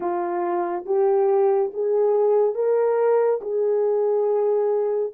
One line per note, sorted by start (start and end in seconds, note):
0.00 0.84 F4
0.85 1.71 G4
1.73 2.54 G#4
2.54 3.40 A#4
3.41 5.12 G#4